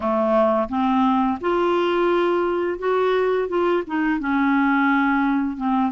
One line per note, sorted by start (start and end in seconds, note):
0.00 0.68 A3
0.68 1.38 C4
1.40 2.78 F4
2.78 3.48 F#4
3.48 3.83 F4
3.87 4.19 D#4
4.19 5.57 C#4
5.57 5.91 C4